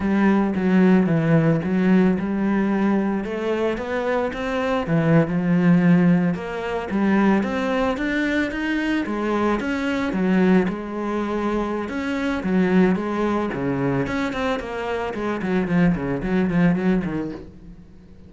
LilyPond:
\new Staff \with { instrumentName = "cello" } { \time 4/4 \tempo 4 = 111 g4 fis4 e4 fis4 | g2 a4 b4 | c'4 e8. f2 ais16~ | ais8. g4 c'4 d'4 dis'16~ |
dis'8. gis4 cis'4 fis4 gis16~ | gis2 cis'4 fis4 | gis4 cis4 cis'8 c'8 ais4 | gis8 fis8 f8 cis8 fis8 f8 fis8 dis8 | }